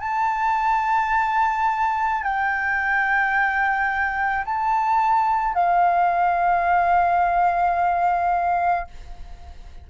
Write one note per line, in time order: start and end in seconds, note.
0.00 2.22 A5
2.22 4.44 G5
4.45 5.54 A5
5.54 8.87 F5